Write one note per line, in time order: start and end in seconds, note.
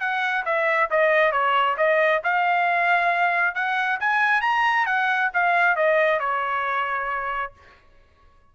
0.00 0.44 F#5
0.45 0.89 E5
0.90 1.32 D#5
1.32 1.76 C#5
1.77 2.22 D#5
2.23 3.55 F5
3.55 3.99 F#5
4.00 4.41 G#5
4.41 4.86 A#5
4.86 5.30 F#5
5.34 5.76 F5
5.76 6.19 D#5
6.19 7.53 C#5